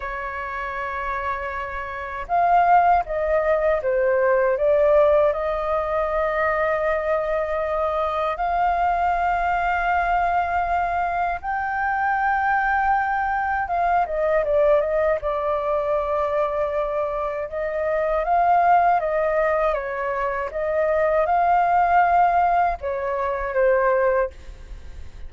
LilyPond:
\new Staff \with { instrumentName = "flute" } { \time 4/4 \tempo 4 = 79 cis''2. f''4 | dis''4 c''4 d''4 dis''4~ | dis''2. f''4~ | f''2. g''4~ |
g''2 f''8 dis''8 d''8 dis''8 | d''2. dis''4 | f''4 dis''4 cis''4 dis''4 | f''2 cis''4 c''4 | }